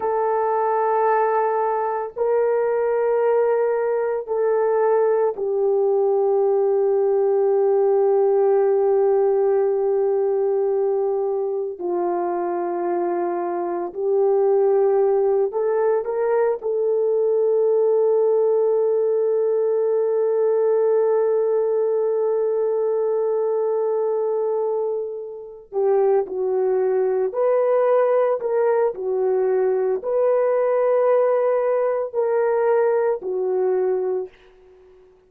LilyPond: \new Staff \with { instrumentName = "horn" } { \time 4/4 \tempo 4 = 56 a'2 ais'2 | a'4 g'2.~ | g'2. f'4~ | f'4 g'4. a'8 ais'8 a'8~ |
a'1~ | a'1 | g'8 fis'4 b'4 ais'8 fis'4 | b'2 ais'4 fis'4 | }